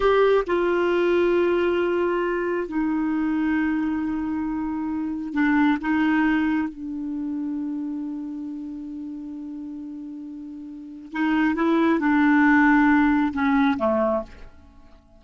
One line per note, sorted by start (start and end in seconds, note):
0.00 0.44 G4
0.46 2.68 F4
2.68 5.33 D#4
5.33 5.78 D4
5.81 6.68 D#4
6.68 11.12 D4
11.12 11.55 D#4
11.55 11.99 E4
11.99 13.33 D4
13.33 13.77 C#4
13.78 14.22 A3